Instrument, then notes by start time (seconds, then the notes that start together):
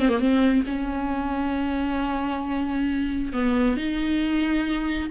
viola
0.00 C4
0.09 A#3
0.20 C4
0.67 C#4
3.33 B3
3.77 D#4